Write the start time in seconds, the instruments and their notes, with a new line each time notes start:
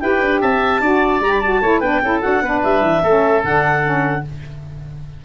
0.00 tuba E4, saxophone G4, oboe B4, clarinet G5
0.21 tuba D4
0.41 tuba C4, oboe E5, clarinet A5
0.80 tuba D4, saxophone F#4, oboe D5
1.20 tuba G3, saxophone G4, clarinet A#5
1.32 clarinet B5
1.41 saxophone F#4, clarinet A5
1.61 tuba A3, saxophone E4, oboe C#5
1.80 tuba B3, saxophone D4, oboe B4, clarinet G5
2.02 tuba C#4, saxophone E4, oboe A4
2.21 tuba D4, saxophone F#4, clarinet F#5
2.42 tuba B3, saxophone D4, oboe B4
2.63 tuba G3, clarinet E5
2.82 tuba E3
3.03 tuba A3, saxophone C#4, oboe A4
3.44 tuba D3, saxophone D4, clarinet F#5
3.83 saxophone C#4